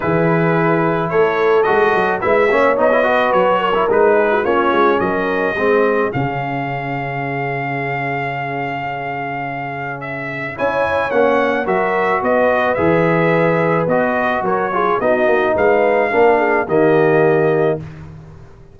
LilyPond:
<<
  \new Staff \with { instrumentName = "trumpet" } { \time 4/4 \tempo 4 = 108 b'2 cis''4 dis''4 | e''4 dis''4 cis''4 b'4 | cis''4 dis''2 f''4~ | f''1~ |
f''2 e''4 gis''4 | fis''4 e''4 dis''4 e''4~ | e''4 dis''4 cis''4 dis''4 | f''2 dis''2 | }
  \new Staff \with { instrumentName = "horn" } { \time 4/4 gis'2 a'2 | b'8 cis''4 b'4 ais'4 gis'16 fis'16 | f'4 ais'4 gis'2~ | gis'1~ |
gis'2. cis''4~ | cis''4 ais'4 b'2~ | b'2 ais'8 gis'8 fis'4 | b'4 ais'8 gis'8 g'2 | }
  \new Staff \with { instrumentName = "trombone" } { \time 4/4 e'2. fis'4 | e'8 cis'8 dis'16 e'16 fis'4~ fis'16 e'16 dis'4 | cis'2 c'4 cis'4~ | cis'1~ |
cis'2. e'4 | cis'4 fis'2 gis'4~ | gis'4 fis'4. f'8 dis'4~ | dis'4 d'4 ais2 | }
  \new Staff \with { instrumentName = "tuba" } { \time 4/4 e2 a4 gis8 fis8 | gis8 ais8 b4 fis4 gis4 | ais8 gis8 fis4 gis4 cis4~ | cis1~ |
cis2. cis'4 | ais4 fis4 b4 e4~ | e4 b4 fis4 b8 ais8 | gis4 ais4 dis2 | }
>>